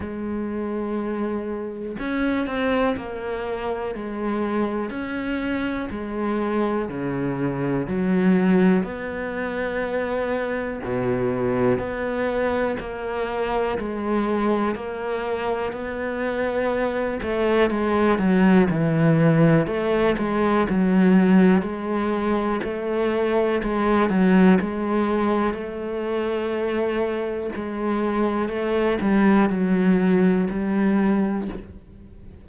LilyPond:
\new Staff \with { instrumentName = "cello" } { \time 4/4 \tempo 4 = 61 gis2 cis'8 c'8 ais4 | gis4 cis'4 gis4 cis4 | fis4 b2 b,4 | b4 ais4 gis4 ais4 |
b4. a8 gis8 fis8 e4 | a8 gis8 fis4 gis4 a4 | gis8 fis8 gis4 a2 | gis4 a8 g8 fis4 g4 | }